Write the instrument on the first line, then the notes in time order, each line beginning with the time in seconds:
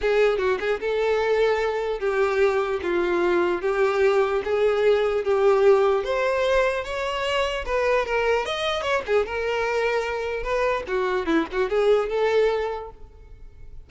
violin
0.01 G#4
0.38 F#4
0.59 G#4
0.80 A4
1.99 G4
2.82 F4
3.61 G4
4.44 G#4
5.24 G4
6.03 C5
6.84 C#5
7.65 B4
8.05 A#4
8.45 D#5
8.82 C#5
9.06 G#4
9.26 A#4
10.43 B4
10.87 F#4
11.26 E4
11.51 F#4
11.69 G#4
12.09 A4